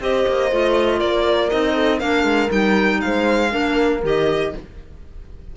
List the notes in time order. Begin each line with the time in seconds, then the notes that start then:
0.00 C4 G4 C5 D#5
0.28 A#3
0.52 A3 F4
0.99 A#3 A#4 D5
1.50 C4 D#4 D#5
1.74 A4
1.98 A#3 D4 A#4 F5
2.24 G#3
2.48 G3 D#4 G5
3.01 G#3 C5 F5
3.50 A#3 D4 A#4
4.03 D#3 G4 D#5